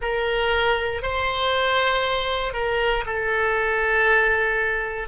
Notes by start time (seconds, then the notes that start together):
0.01 A#4
1.02 C5
2.53 A#4
3.06 A4